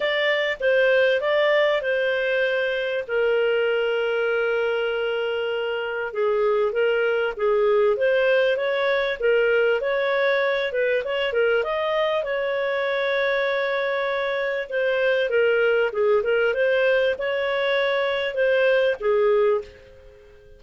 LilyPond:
\new Staff \with { instrumentName = "clarinet" } { \time 4/4 \tempo 4 = 98 d''4 c''4 d''4 c''4~ | c''4 ais'2.~ | ais'2 gis'4 ais'4 | gis'4 c''4 cis''4 ais'4 |
cis''4. b'8 cis''8 ais'8 dis''4 | cis''1 | c''4 ais'4 gis'8 ais'8 c''4 | cis''2 c''4 gis'4 | }